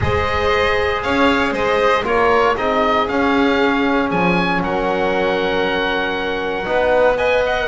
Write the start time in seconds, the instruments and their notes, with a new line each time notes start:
0.00 double bass G#3, trombone G#4, violin C5, oboe D#5
1.02 double bass C#4, violin C#5, oboe F5
1.52 double bass G#3, violin C5, oboe D#5
2.04 double bass A#3, trombone F4, violin A#4, oboe C#5
2.56 double bass C4, trombone D#4, violin G#4, oboe D#5
3.08 trombone C#4, double bass C#4, oboe F5
4.10 double bass F3, oboe G#5
4.61 double bass F#3, violin A#4, oboe F#5
6.64 double bass B3, trombone D#4, violin B4
7.17 trombone B4, violin D#5, oboe G#5
7.46 oboe F#5